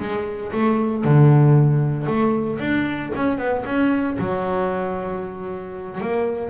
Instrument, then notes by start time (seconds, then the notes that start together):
double bass
0.00 G#3
0.53 A3
1.05 D3
2.07 A3
2.60 D4
3.16 C#4
3.38 B3
3.66 C#4
4.19 F#3
6.01 A#3